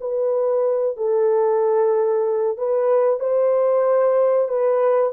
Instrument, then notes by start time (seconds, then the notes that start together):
horn
0.00 B4
0.96 A4
2.57 B4
3.19 C5
4.48 B4